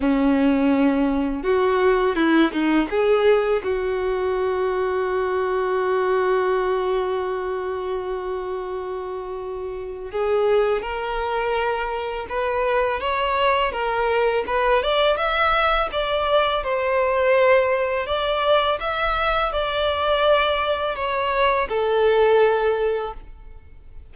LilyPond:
\new Staff \with { instrumentName = "violin" } { \time 4/4 \tempo 4 = 83 cis'2 fis'4 e'8 dis'8 | gis'4 fis'2.~ | fis'1~ | fis'2 gis'4 ais'4~ |
ais'4 b'4 cis''4 ais'4 | b'8 d''8 e''4 d''4 c''4~ | c''4 d''4 e''4 d''4~ | d''4 cis''4 a'2 | }